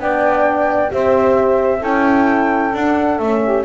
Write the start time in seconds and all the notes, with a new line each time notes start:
0.00 B3 D4 D5 G5
0.88 C4 G4 C5 E5
1.79 C#4 E4 A4 G5
2.73 D4 F#5
3.18 A3 C#4 E5
3.43 G4